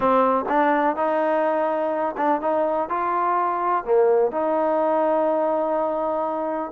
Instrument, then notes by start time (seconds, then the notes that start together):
trombone
0.00 C4
0.48 D4
0.95 D#4
2.17 D4
2.41 D#4
2.89 F4
3.84 A#3
4.31 D#4